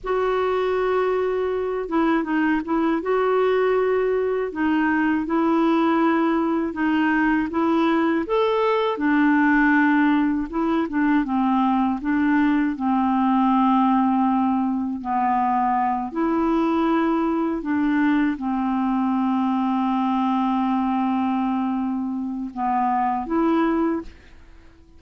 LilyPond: \new Staff \with { instrumentName = "clarinet" } { \time 4/4 \tempo 4 = 80 fis'2~ fis'8 e'8 dis'8 e'8 | fis'2 dis'4 e'4~ | e'4 dis'4 e'4 a'4 | d'2 e'8 d'8 c'4 |
d'4 c'2. | b4. e'2 d'8~ | d'8 c'2.~ c'8~ | c'2 b4 e'4 | }